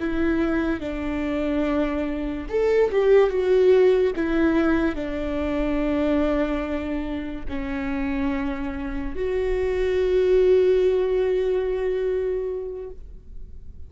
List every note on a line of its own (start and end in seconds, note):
0.00 0.81 E4
0.81 2.47 D4
2.50 2.91 A4
2.92 3.30 G4
3.30 4.13 F#4
4.16 4.96 E4
4.96 7.46 D4
7.49 9.16 C#4
9.16 12.91 F#4